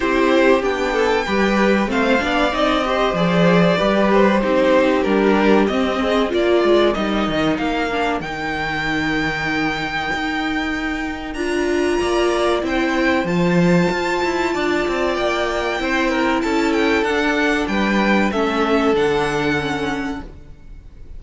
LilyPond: <<
  \new Staff \with { instrumentName = "violin" } { \time 4/4 \tempo 4 = 95 c''4 g''2 f''4 | dis''4 d''4. c''4. | ais'4 dis''4 d''4 dis''4 | f''4 g''2.~ |
g''2 ais''2 | g''4 a''2. | g''2 a''8 g''8 fis''4 | g''4 e''4 fis''2 | }
  \new Staff \with { instrumentName = "violin" } { \time 4/4 g'4. a'8 b'4 c''8 d''8~ | d''8 c''4. b'4 g'4~ | g'4. gis'8 ais'2~ | ais'1~ |
ais'2. d''4 | c''2. d''4~ | d''4 c''8 ais'8 a'2 | b'4 a'2. | }
  \new Staff \with { instrumentName = "viola" } { \time 4/4 e'4 d'4 g'4 c'8 d'8 | dis'8 g'8 gis'4 g'4 dis'4 | d'4 c'4 f'4 dis'4~ | dis'8 d'8 dis'2.~ |
dis'2 f'2 | e'4 f'2.~ | f'4 e'2 d'4~ | d'4 cis'4 d'4 cis'4 | }
  \new Staff \with { instrumentName = "cello" } { \time 4/4 c'4 b4 g4 a8 b8 | c'4 f4 g4 c'4 | g4 c'4 ais8 gis8 g8 dis8 | ais4 dis2. |
dis'2 d'4 ais4 | c'4 f4 f'8 e'8 d'8 c'8 | ais4 c'4 cis'4 d'4 | g4 a4 d2 | }
>>